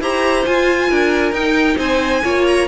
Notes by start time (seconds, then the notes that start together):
0.00 E4 G4 C5 A#5
0.45 F4 G#5
0.89 D4 A#4
1.32 D#4 G5
1.77 C4 C5 G#5
2.23 A#3 F4 C#5
2.46 A#5